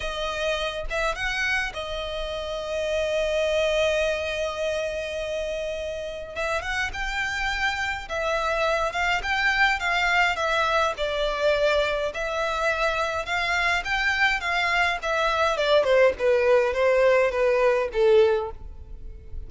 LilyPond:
\new Staff \with { instrumentName = "violin" } { \time 4/4 \tempo 4 = 104 dis''4. e''8 fis''4 dis''4~ | dis''1~ | dis''2. e''8 fis''8 | g''2 e''4. f''8 |
g''4 f''4 e''4 d''4~ | d''4 e''2 f''4 | g''4 f''4 e''4 d''8 c''8 | b'4 c''4 b'4 a'4 | }